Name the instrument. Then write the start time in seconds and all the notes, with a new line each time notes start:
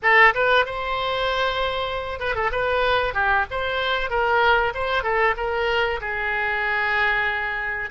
oboe
0.02 A4
0.34 B4
0.65 C5
2.19 B4
2.35 A4
2.51 B4
3.13 G4
3.51 C5
4.10 A#4
4.74 C5
5.03 A4
5.37 A#4
6.00 G#4